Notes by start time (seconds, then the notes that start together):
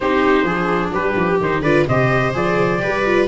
0.00 C4 D#4 G4 C5
0.43 F3 D4 G#4
0.91 G3 G4 B4
1.15 F3
1.40 D#3 D#4 C5
1.59 D3 F4 B4 D5
1.88 C3 G4 C5 D#5
2.33 F3 G#4 D5
2.78 G3 G4 B4
3.05 F4